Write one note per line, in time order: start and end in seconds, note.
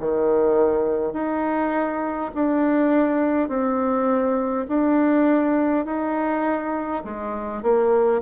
0.00 1.13 D#3
1.13 2.31 D#4
2.35 3.49 D4
3.49 4.67 C4
4.68 5.86 D4
5.86 7.04 D#4
7.05 7.63 G#3
7.63 8.22 A#3